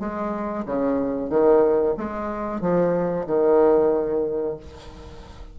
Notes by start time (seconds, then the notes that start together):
0.00 G#3
0.66 C#3
1.30 D#3
1.98 G#3
2.61 F3
3.27 D#3